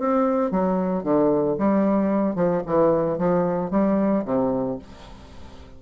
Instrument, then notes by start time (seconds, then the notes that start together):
bassoon
0.00 C4
0.52 F#3
1.04 D3
1.59 G3
2.36 F3
2.67 E3
3.19 F3
3.71 G3
4.25 C3